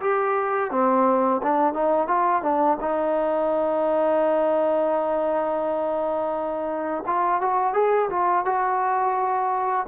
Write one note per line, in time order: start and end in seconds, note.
0.00 0.71 G4
0.71 1.41 C4
1.42 1.73 D4
1.73 2.07 D#4
2.07 2.42 F4
2.42 2.77 D4
2.80 7.04 D#4
7.06 7.41 F4
7.41 7.74 F#4
7.74 8.09 G#4
8.10 8.45 F4
8.45 9.86 F#4